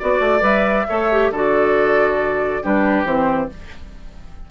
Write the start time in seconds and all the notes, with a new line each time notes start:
0.00 B3 F#4 D5
0.20 A3
0.40 G3 B4 E5
0.89 A3 A4 C#5
1.12 G4
1.31 D3 F#4 A4 D5
2.63 G3 D4 G4 B4
3.05 E3 C4 C5